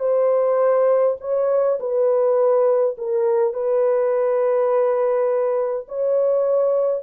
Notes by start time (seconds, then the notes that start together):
0.00 C5
1.20 C#5
1.80 B4
2.98 A#4
3.53 B4
5.88 C#5